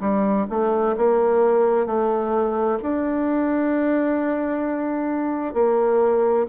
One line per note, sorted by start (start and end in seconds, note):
0.00 0.46 G3
0.50 0.96 A3
0.97 1.86 A#3
1.86 2.79 A3
2.82 5.54 D4
5.54 6.46 A#3